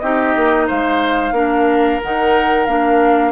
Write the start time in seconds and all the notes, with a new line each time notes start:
0.00 C4 D#4 G4 D#5
0.36 A#3
0.67 G#3 C5 F5
1.32 A#3 D4 A#4
2.02 D#3 D#4 F#5
2.66 A#3 D4 F5